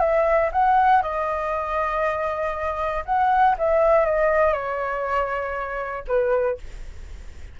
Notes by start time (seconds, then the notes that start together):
0.00 E5
0.52 F#5
1.02 D#5
3.06 F#5
3.58 E5
4.06 D#5
4.53 C#5
6.08 B4